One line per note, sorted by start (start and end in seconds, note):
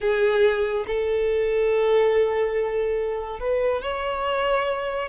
0.00 0.85 G#4
0.86 3.39 A4
3.39 3.81 B4
3.81 5.08 C#5